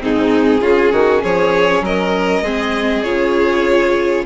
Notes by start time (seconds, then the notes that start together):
0.00 G#2 C4 D#4 G#4
0.60 C#3 C#4 F4
0.91 D#3 F#4
1.22 F3 G#4 C#5
1.81 F#3 A#4 D#5
2.41 G#3 C4 G#4
3.03 C#3 F4 C#5